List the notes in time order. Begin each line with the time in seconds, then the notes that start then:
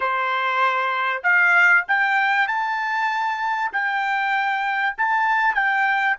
0.00 C5
1.23 F5
1.88 G5
2.47 A5
3.72 G5
4.97 A5
5.54 G5